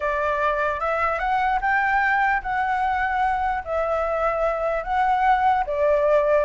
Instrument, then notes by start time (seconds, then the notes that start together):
flute
0.00 D5
0.80 E5
1.19 F#5
1.61 G5
2.42 F#5
3.64 E5
4.83 F#5
5.66 D5